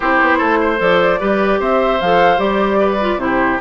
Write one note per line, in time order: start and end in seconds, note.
0.00 0.20 C4
0.00 0.77 E4
0.00 0.38 G4
0.00 0.78 C5
0.20 0.40 B3
0.38 0.80 A3
0.38 0.58 A4
0.60 1.20 C5
0.77 1.20 F3
0.77 1.17 A4
0.77 1.60 D5
1.19 1.60 G3
1.19 1.99 G4
1.19 1.59 B4
1.59 2.00 C4
1.59 2.79 C5
1.59 2.00 E5
2.00 2.38 F3
2.00 2.37 A4
2.00 2.39 F5
2.37 3.17 G3
2.37 2.97 G4
2.37 3.19 D5
2.79 3.19 B4
3.01 3.18 F4
3.17 3.57 C3
3.17 3.58 E4
3.17 3.59 C5
3.24 3.61 G4